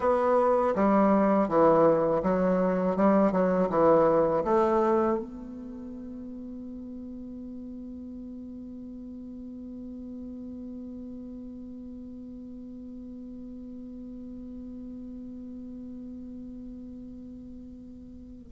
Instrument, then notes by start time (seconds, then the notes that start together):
bassoon
0.00 B3
0.75 G3
1.48 E3
2.22 F#3
2.96 G3
3.32 F#3
3.69 E3
4.44 A3
5.18 B3